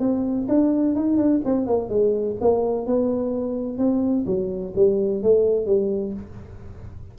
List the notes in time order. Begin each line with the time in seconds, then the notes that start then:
0.00 C4
0.49 D4
0.96 D#4
1.17 D4
1.45 C4
1.67 A#3
1.90 G#3
2.41 A#3
2.87 B3
3.78 C4
4.26 F#3
4.76 G3
5.23 A3
5.66 G3